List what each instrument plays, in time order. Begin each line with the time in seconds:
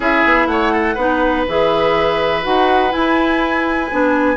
0.00 bassoon C#4, clarinet E4, oboe G#4, flute E5
0.24 bassoon B3
0.46 bassoon A3, oboe C#5, flute F#5
0.72 oboe A4
0.94 bassoon B3, clarinet D#4, oboe B4
1.48 bassoon E3, clarinet G#4, flute E5
2.42 bassoon D#4, clarinet F#4, flute F#5
2.89 clarinet E4, bassoon E4, flute G#5
3.91 bassoon B3, clarinet D4